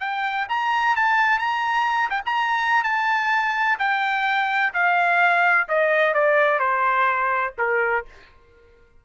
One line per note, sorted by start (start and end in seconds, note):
0.00 0.47 G5
0.49 0.96 A#5
0.96 1.39 A5
1.39 2.10 A#5
2.10 2.22 G5
2.26 2.84 A#5
2.84 3.78 A5
3.79 4.74 G5
4.74 5.68 F5
5.68 6.14 D#5
6.14 6.59 D5
6.59 7.54 C5
7.58 8.06 A#4